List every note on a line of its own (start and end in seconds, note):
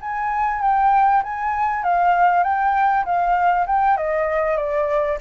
0.00 0.61 G#5
0.61 1.22 G5
1.23 1.83 G#5
1.83 2.43 F5
2.43 3.04 G5
3.05 3.66 F5
3.66 3.97 G5
3.97 4.56 D#5
4.56 5.17 D5